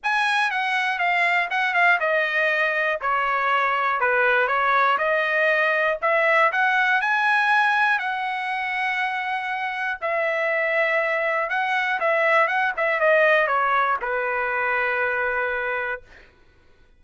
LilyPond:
\new Staff \with { instrumentName = "trumpet" } { \time 4/4 \tempo 4 = 120 gis''4 fis''4 f''4 fis''8 f''8 | dis''2 cis''2 | b'4 cis''4 dis''2 | e''4 fis''4 gis''2 |
fis''1 | e''2. fis''4 | e''4 fis''8 e''8 dis''4 cis''4 | b'1 | }